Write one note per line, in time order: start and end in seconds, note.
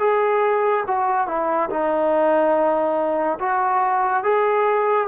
0.00 0.85 G#4
0.88 1.28 F#4
1.28 1.70 E4
1.70 3.39 D#4
3.40 4.24 F#4
4.24 5.09 G#4